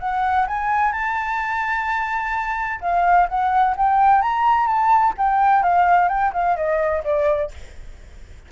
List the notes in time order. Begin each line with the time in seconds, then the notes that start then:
0.00 F#5
0.48 G#5
0.93 A5
2.81 F5
3.29 F#5
3.77 G5
4.22 A#5
4.67 A5
5.18 G5
5.63 F5
6.09 G5
6.33 F5
6.57 D#5
7.05 D5